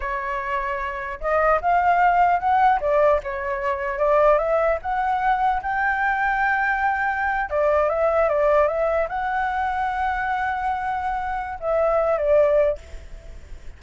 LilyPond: \new Staff \with { instrumentName = "flute" } { \time 4/4 \tempo 4 = 150 cis''2. dis''4 | f''2 fis''4 d''4 | cis''2 d''4 e''4 | fis''2 g''2~ |
g''2~ g''8. d''4 e''16~ | e''8. d''4 e''4 fis''4~ fis''16~ | fis''1~ | fis''4 e''4. d''4. | }